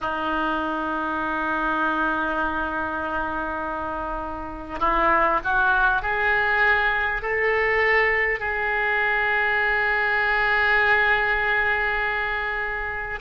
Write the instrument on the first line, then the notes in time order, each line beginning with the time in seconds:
oboe
0.01 D#4
4.79 E4
5.44 F#4
6.02 G#4
7.22 A4
8.39 G#4